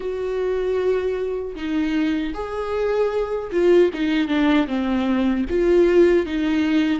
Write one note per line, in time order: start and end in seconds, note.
0.00 1.55 F#4
1.55 2.33 D#4
2.34 3.51 G#4
3.51 3.90 F4
3.93 4.28 D#4
4.28 4.66 D4
4.67 5.45 C4
5.49 6.26 F4
6.26 6.99 D#4